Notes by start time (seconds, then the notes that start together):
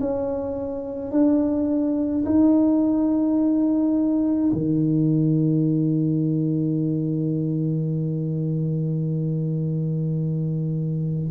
0.00 C#4
1.11 D4
2.25 D#4
4.53 D#3